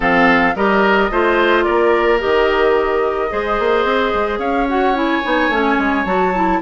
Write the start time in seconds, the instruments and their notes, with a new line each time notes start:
0.00 bassoon F3, clarinet C4, oboe A4, flute F5
0.55 bassoon G3, clarinet G4, oboe A#4, flute D#5
1.10 bassoon A3, clarinet F4, oboe C5
1.63 bassoon A#3, oboe A#4, flute D5
2.19 bassoon D#3, clarinet G4, flute D#5
3.29 bassoon G#3, clarinet G#4, oboe C5
3.59 bassoon A#3
3.84 bassoon C4
4.13 bassoon G#3
4.38 bassoon C#4, oboe C#5, flute F5
4.68 clarinet F#4, flute F#5
4.94 clarinet E4, flute G#5
5.23 bassoon B3, clarinet D#4
5.48 bassoon A3, clarinet C#4
5.78 bassoon G#3
6.04 bassoon F#3, clarinet F#4, flute A5
6.34 clarinet E4